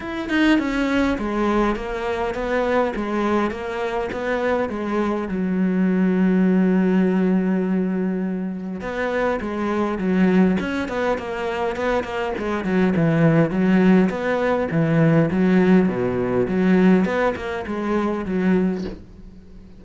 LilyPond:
\new Staff \with { instrumentName = "cello" } { \time 4/4 \tempo 4 = 102 e'8 dis'8 cis'4 gis4 ais4 | b4 gis4 ais4 b4 | gis4 fis2.~ | fis2. b4 |
gis4 fis4 cis'8 b8 ais4 | b8 ais8 gis8 fis8 e4 fis4 | b4 e4 fis4 b,4 | fis4 b8 ais8 gis4 fis4 | }